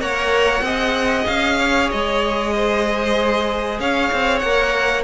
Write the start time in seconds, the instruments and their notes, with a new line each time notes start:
0.00 cello A#3, viola A#4, violin C#5 F#5
0.61 cello C4, viola G#4, violin D#5
1.26 cello C#4, violin F5
1.59 violin C#5
1.90 cello G#3, violin D#5
2.55 violin C5
3.79 cello C#4, violin C#5 F5
4.12 cello C4
4.39 cello A#3, violin F#5
4.45 viola A#4